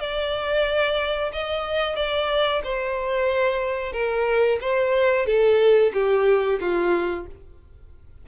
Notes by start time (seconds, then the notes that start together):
0.00 D5
1.32 D#5
1.96 D5
2.64 C5
3.93 A#4
4.61 C5
5.26 A4
5.93 G4
6.60 F4